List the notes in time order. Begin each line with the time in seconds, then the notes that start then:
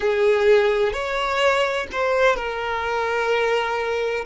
0.00 G#4
0.92 C#5
1.92 C5
2.35 A#4